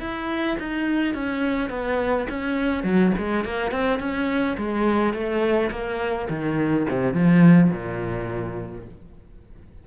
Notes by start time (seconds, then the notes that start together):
0.00 E4
0.59 D#4
1.14 C#4
1.70 B3
2.29 C#4
2.84 F#3
3.18 G#3
3.44 A#3
3.71 C4
3.99 C#4
4.57 G#3
5.13 A3
5.71 A#3
6.29 D#3
6.89 C3
7.14 F3
7.71 A#2